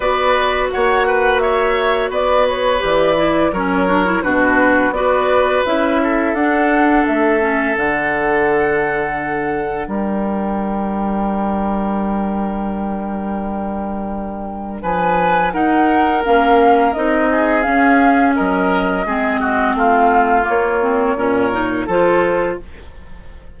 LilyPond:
<<
  \new Staff \with { instrumentName = "flute" } { \time 4/4 \tempo 4 = 85 d''4 fis''4 e''4 d''8 cis''8 | d''4 cis''4 b'4 d''4 | e''4 fis''4 e''4 fis''4~ | fis''2 g''2~ |
g''1~ | g''4 gis''4 fis''4 f''4 | dis''4 f''4 dis''2 | f''4 cis''2 c''4 | }
  \new Staff \with { instrumentName = "oboe" } { \time 4/4 b'4 cis''8 b'8 cis''4 b'4~ | b'4 ais'4 fis'4 b'4~ | b'8 a'2.~ a'8~ | a'2 ais'2~ |
ais'1~ | ais'4 b'4 ais'2~ | ais'8 gis'4. ais'4 gis'8 fis'8 | f'2 ais'4 a'4 | }
  \new Staff \with { instrumentName = "clarinet" } { \time 4/4 fis'1 | g'8 e'8 cis'8 d'16 e'16 d'4 fis'4 | e'4 d'4. cis'8 d'4~ | d'1~ |
d'1~ | d'2 dis'4 cis'4 | dis'4 cis'2 c'4~ | c'4 ais8 c'8 cis'8 dis'8 f'4 | }
  \new Staff \with { instrumentName = "bassoon" } { \time 4/4 b4 ais2 b4 | e4 fis4 b,4 b4 | cis'4 d'4 a4 d4~ | d2 g2~ |
g1~ | g4 f4 dis'4 ais4 | c'4 cis'4 fis4 gis4 | a4 ais4 ais,4 f4 | }
>>